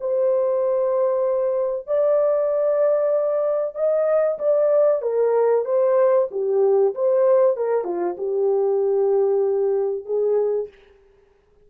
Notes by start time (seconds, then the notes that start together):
0.00 C5
1.87 D5
3.75 D#5
4.38 D5
5.02 A#4
5.65 C5
6.31 G4
6.94 C5
7.56 A#4
7.84 F4
8.17 G4
10.05 G#4